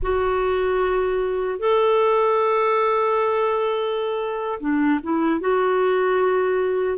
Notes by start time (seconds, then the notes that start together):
0.02 F#4
1.59 A4
4.60 D4
5.03 E4
5.40 F#4